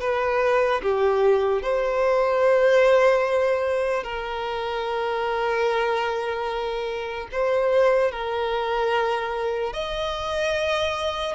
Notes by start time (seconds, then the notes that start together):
0.00 B4
0.82 G4
1.62 C5
4.03 A#4
7.32 C5
8.11 A#4
9.73 D#5